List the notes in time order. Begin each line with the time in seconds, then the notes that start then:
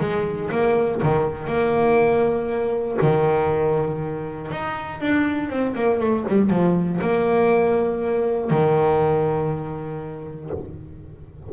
0.00 G#3
0.51 A#3
1.02 D#3
1.47 A#3
3.02 D#3
4.51 D#4
5.00 D4
5.50 C4
5.75 A#3
6.00 A3
6.28 G3
6.50 F3
7.01 A#3
8.50 D#3